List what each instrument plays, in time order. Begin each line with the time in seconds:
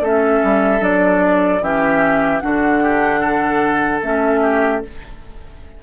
0.00 bassoon A3, clarinet C#4, oboe A4, flute E5
0.43 bassoon G3
0.79 bassoon F#3, clarinet D4, flute D5
1.60 bassoon E3, clarinet C#4, oboe G4, flute E5
2.40 bassoon D3, clarinet D4, oboe F#4, flute F#5
2.83 oboe G4
3.20 oboe A4
4.02 bassoon A3, clarinet C#4, flute E5
4.42 oboe G4